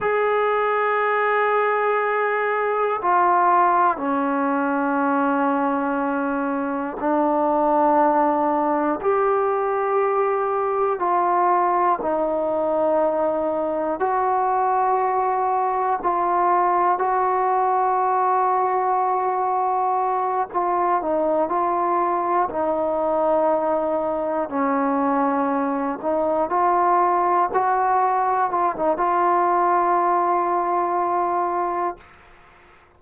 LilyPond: \new Staff \with { instrumentName = "trombone" } { \time 4/4 \tempo 4 = 60 gis'2. f'4 | cis'2. d'4~ | d'4 g'2 f'4 | dis'2 fis'2 |
f'4 fis'2.~ | fis'8 f'8 dis'8 f'4 dis'4.~ | dis'8 cis'4. dis'8 f'4 fis'8~ | fis'8 f'16 dis'16 f'2. | }